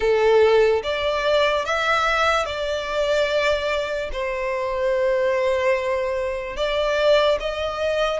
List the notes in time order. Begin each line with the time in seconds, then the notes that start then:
0.00 A4
0.83 D5
1.65 E5
2.45 D5
4.12 C5
6.56 D5
7.40 D#5